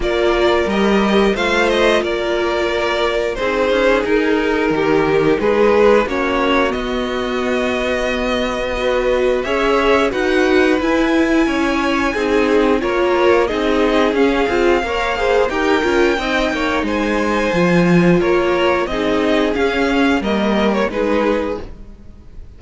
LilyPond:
<<
  \new Staff \with { instrumentName = "violin" } { \time 4/4 \tempo 4 = 89 d''4 dis''4 f''8 dis''8 d''4~ | d''4 c''4 ais'2 | b'4 cis''4 dis''2~ | dis''2 e''4 fis''4 |
gis''2. cis''4 | dis''4 f''2 g''4~ | g''4 gis''2 cis''4 | dis''4 f''4 dis''8. cis''16 b'4 | }
  \new Staff \with { instrumentName = "violin" } { \time 4/4 ais'2 c''4 ais'4~ | ais'4 gis'2 g'4 | gis'4 fis'2.~ | fis'4 b'4 cis''4 b'4~ |
b'4 cis''4 gis'4 ais'4 | gis'2 cis''8 c''8 ais'4 | dis''8 cis''8 c''2 ais'4 | gis'2 ais'4 gis'4 | }
  \new Staff \with { instrumentName = "viola" } { \time 4/4 f'4 g'4 f'2~ | f'4 dis'2.~ | dis'4 cis'4 b2~ | b4 fis'4 gis'4 fis'4 |
e'2 dis'4 f'4 | dis'4 cis'8 f'8 ais'8 gis'8 g'8 f'8 | dis'2 f'2 | dis'4 cis'4 ais4 dis'4 | }
  \new Staff \with { instrumentName = "cello" } { \time 4/4 ais4 g4 a4 ais4~ | ais4 c'8 cis'8 dis'4 dis4 | gis4 ais4 b2~ | b2 cis'4 dis'4 |
e'4 cis'4 c'4 ais4 | c'4 cis'8 c'8 ais4 dis'8 cis'8 | c'8 ais8 gis4 f4 ais4 | c'4 cis'4 g4 gis4 | }
>>